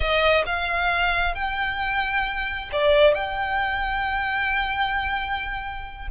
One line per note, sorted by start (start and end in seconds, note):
0.00 0.43 D#5
0.46 1.34 F5
1.34 2.69 G5
2.72 3.14 D5
3.14 6.07 G5